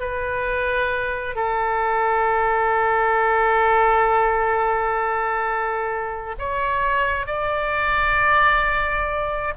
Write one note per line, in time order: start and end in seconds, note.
0.00 1.36 B4
1.36 6.36 A4
6.39 7.26 C#5
7.26 9.54 D5